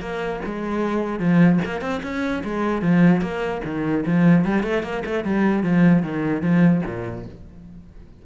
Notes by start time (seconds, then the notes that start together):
0.00 A#3
0.45 G#3
1.19 F3
1.65 A#3
1.81 C4
2.03 C#4
2.44 G#3
2.82 F3
3.21 A#3
3.64 D#3
4.06 F3
4.45 G3
4.63 A3
4.83 A#3
5.05 A3
5.24 G3
5.63 F3
6.02 D#3
6.41 F3
6.85 A#2